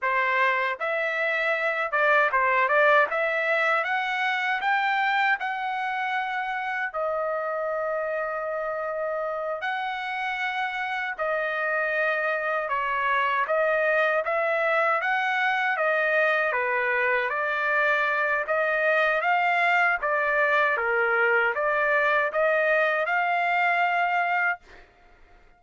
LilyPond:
\new Staff \with { instrumentName = "trumpet" } { \time 4/4 \tempo 4 = 78 c''4 e''4. d''8 c''8 d''8 | e''4 fis''4 g''4 fis''4~ | fis''4 dis''2.~ | dis''8 fis''2 dis''4.~ |
dis''8 cis''4 dis''4 e''4 fis''8~ | fis''8 dis''4 b'4 d''4. | dis''4 f''4 d''4 ais'4 | d''4 dis''4 f''2 | }